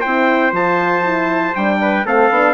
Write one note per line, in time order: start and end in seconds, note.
0.00 0.52 C4
0.00 0.53 E4
0.00 1.78 C5
0.00 0.52 G5
0.52 1.54 F3
0.52 1.03 F4
0.52 1.55 A5
1.03 1.54 E4
1.55 2.06 G3
1.55 2.05 D4
1.55 2.06 G5
1.81 2.06 B4
2.05 2.30 A3
2.05 2.31 C4
2.05 2.54 A4
2.05 2.54 F5
2.30 2.54 B3
2.30 2.54 D4